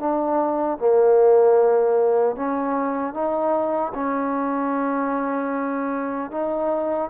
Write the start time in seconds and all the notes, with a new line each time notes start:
0.00 D4
0.79 A#3
2.36 C#4
3.14 D#4
3.94 C#4
6.32 D#4